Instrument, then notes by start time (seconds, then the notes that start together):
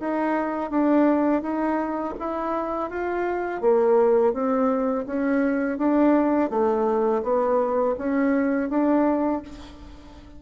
bassoon
0.00 D#4
0.70 D4
1.42 D#4
2.19 E4
2.90 F4
3.61 A#3
4.33 C4
5.06 C#4
5.78 D4
6.50 A3
7.23 B3
7.98 C#4
8.69 D4